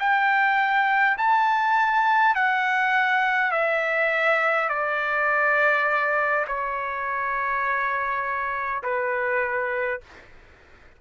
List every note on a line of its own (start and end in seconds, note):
0.00 1.18 G5
1.18 2.35 A5
2.35 3.51 F#5
3.51 4.69 E5
4.69 6.45 D5
6.47 8.82 C#5
8.83 10.01 B4